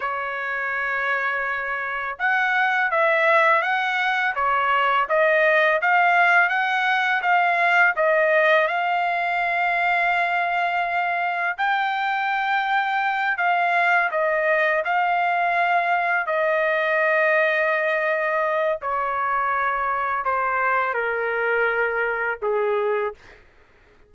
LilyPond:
\new Staff \with { instrumentName = "trumpet" } { \time 4/4 \tempo 4 = 83 cis''2. fis''4 | e''4 fis''4 cis''4 dis''4 | f''4 fis''4 f''4 dis''4 | f''1 |
g''2~ g''8 f''4 dis''8~ | dis''8 f''2 dis''4.~ | dis''2 cis''2 | c''4 ais'2 gis'4 | }